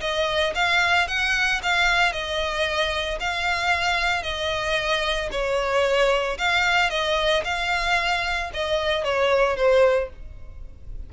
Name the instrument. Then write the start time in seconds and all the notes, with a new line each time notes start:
violin
0.00 D#5
0.54 F5
1.07 F#5
1.62 F5
2.12 D#5
3.20 F5
4.22 D#5
5.31 C#5
6.37 F5
6.90 D#5
7.44 F5
8.53 D#5
9.03 C#5
9.56 C5